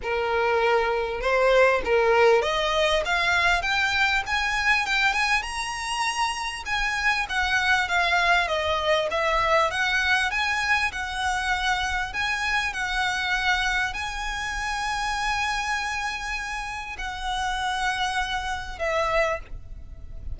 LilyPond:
\new Staff \with { instrumentName = "violin" } { \time 4/4 \tempo 4 = 99 ais'2 c''4 ais'4 | dis''4 f''4 g''4 gis''4 | g''8 gis''8 ais''2 gis''4 | fis''4 f''4 dis''4 e''4 |
fis''4 gis''4 fis''2 | gis''4 fis''2 gis''4~ | gis''1 | fis''2. e''4 | }